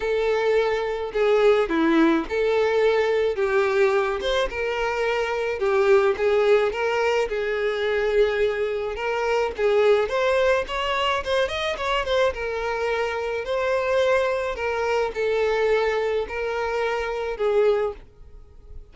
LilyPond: \new Staff \with { instrumentName = "violin" } { \time 4/4 \tempo 4 = 107 a'2 gis'4 e'4 | a'2 g'4. c''8 | ais'2 g'4 gis'4 | ais'4 gis'2. |
ais'4 gis'4 c''4 cis''4 | c''8 dis''8 cis''8 c''8 ais'2 | c''2 ais'4 a'4~ | a'4 ais'2 gis'4 | }